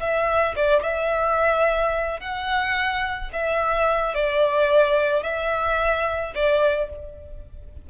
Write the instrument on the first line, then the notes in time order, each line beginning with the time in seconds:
violin
0.00 E5
0.56 D5
0.83 E5
2.20 F#5
3.33 E5
4.15 D5
5.23 E5
6.35 D5